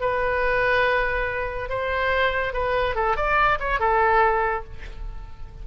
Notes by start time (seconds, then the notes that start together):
0.00 B4
1.69 C5
2.53 B4
2.95 A4
3.16 D5
3.59 C#5
3.79 A4